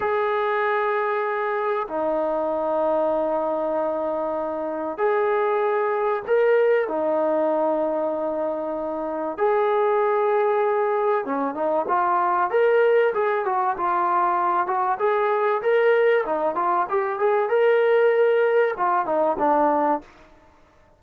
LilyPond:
\new Staff \with { instrumentName = "trombone" } { \time 4/4 \tempo 4 = 96 gis'2. dis'4~ | dis'1 | gis'2 ais'4 dis'4~ | dis'2. gis'4~ |
gis'2 cis'8 dis'8 f'4 | ais'4 gis'8 fis'8 f'4. fis'8 | gis'4 ais'4 dis'8 f'8 g'8 gis'8 | ais'2 f'8 dis'8 d'4 | }